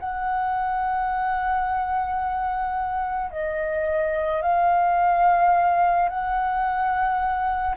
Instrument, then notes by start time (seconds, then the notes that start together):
flute
0.00 F#5
3.32 D#5
4.42 F5
6.10 F#5